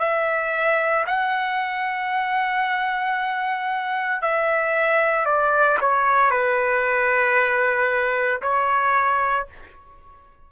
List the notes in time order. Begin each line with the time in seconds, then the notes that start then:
0.00 E5
1.07 F#5
4.22 E5
5.26 D5
5.81 C#5
6.31 B4
8.43 C#5